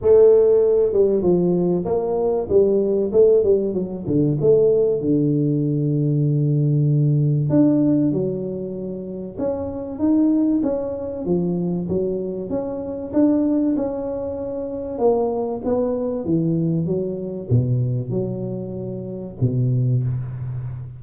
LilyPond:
\new Staff \with { instrumentName = "tuba" } { \time 4/4 \tempo 4 = 96 a4. g8 f4 ais4 | g4 a8 g8 fis8 d8 a4 | d1 | d'4 fis2 cis'4 |
dis'4 cis'4 f4 fis4 | cis'4 d'4 cis'2 | ais4 b4 e4 fis4 | b,4 fis2 b,4 | }